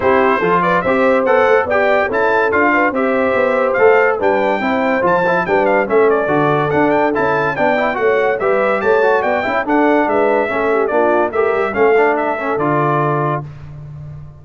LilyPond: <<
  \new Staff \with { instrumentName = "trumpet" } { \time 4/4 \tempo 4 = 143 c''4. d''8 e''4 fis''4 | g''4 a''4 f''4 e''4~ | e''4 f''4 g''2 | a''4 g''8 f''8 e''8 d''4. |
fis''8 g''8 a''4 g''4 fis''4 | e''4 a''4 g''4 fis''4 | e''2 d''4 e''4 | f''4 e''4 d''2 | }
  \new Staff \with { instrumentName = "horn" } { \time 4/4 g'4 a'8 b'8 c''2 | d''4 a'4. b'8 c''4~ | c''2 b'4 c''4~ | c''4 b'4 a'2~ |
a'2 d''4 cis''4 | b'4 cis''4 d''8 e''8 a'4 | b'4 a'8 g'8 f'4 ais'4 | a'1 | }
  \new Staff \with { instrumentName = "trombone" } { \time 4/4 e'4 f'4 g'4 a'4 | g'4 e'4 f'4 g'4~ | g'4 a'4 d'4 e'4 | f'8 e'8 d'4 cis'4 fis'4 |
d'4 e'4 d'8 e'8 fis'4 | g'4. fis'4 e'8 d'4~ | d'4 cis'4 d'4 g'4 | cis'8 d'4 cis'8 f'2 | }
  \new Staff \with { instrumentName = "tuba" } { \time 4/4 c'4 f4 c'4 b8 a8 | b4 cis'4 d'4 c'4 | b4 a4 g4 c'4 | f4 g4 a4 d4 |
d'4 cis'4 b4 a4 | g4 a4 b8 cis'8 d'4 | gis4 a4 ais4 a8 g8 | a2 d2 | }
>>